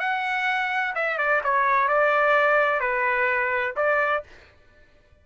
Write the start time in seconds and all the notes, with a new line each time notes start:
0.00 F#5
0.95 E5
1.18 D5
1.44 C#5
1.88 D5
2.80 B4
3.76 D5